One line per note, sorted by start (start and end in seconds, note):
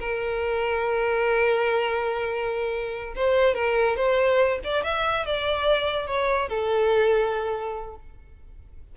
0.00 3.15 A#4
3.16 3.55 C5
3.55 3.97 A#4
3.97 4.60 C5
4.64 4.84 D5
4.84 5.26 E5
5.26 6.07 D5
6.07 6.49 C#5
6.49 7.96 A4